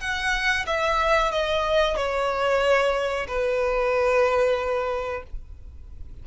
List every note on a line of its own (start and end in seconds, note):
0.00 0.65 F#5
0.66 1.31 E5
1.31 1.96 D#5
1.96 3.26 C#5
3.27 5.23 B4